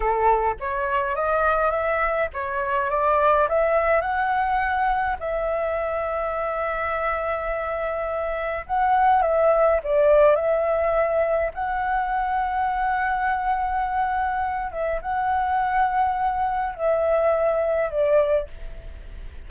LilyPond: \new Staff \with { instrumentName = "flute" } { \time 4/4 \tempo 4 = 104 a'4 cis''4 dis''4 e''4 | cis''4 d''4 e''4 fis''4~ | fis''4 e''2.~ | e''2. fis''4 |
e''4 d''4 e''2 | fis''1~ | fis''4. e''8 fis''2~ | fis''4 e''2 d''4 | }